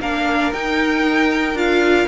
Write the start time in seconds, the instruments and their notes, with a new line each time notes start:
0.00 cello A#3, viola D4, violin A#4 F5
0.53 cello D#4, viola D#4, violin G5
1.54 cello D4, viola F4, violin F5